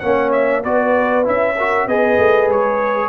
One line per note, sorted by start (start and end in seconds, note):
0.00 0.64 A#3
0.00 0.64 C#4
0.00 0.62 C#5
0.00 0.31 F#5
0.32 0.63 E5
0.63 1.26 B3
0.63 1.24 F#4
0.63 1.56 B4
0.63 1.26 D5
1.24 1.87 C#4
1.24 1.55 E4
1.24 1.88 E5
1.57 1.89 F#4
1.57 1.86 A#4
1.86 2.18 B3
1.86 3.09 G#4
1.86 3.09 B4
1.86 2.50 D#5
2.19 2.48 A3
2.48 3.09 G#3
2.48 3.09 C#5